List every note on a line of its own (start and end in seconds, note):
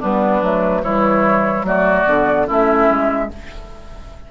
0.00 0.42 G3
0.00 0.43 B3
0.00 0.82 D4
0.00 0.83 B4
0.42 0.83 F#3
0.42 0.84 A3
0.83 1.63 E3
0.83 1.65 G3
0.83 1.66 E4
0.83 1.65 C#5
1.63 2.04 F#3
1.63 2.06 A3
1.63 2.47 F#4
1.63 2.48 D5
2.06 2.48 D3
2.06 2.47 B3
2.47 2.90 A3
2.47 3.29 C#4
2.47 3.30 E4
2.47 3.32 E5
2.90 3.31 G#3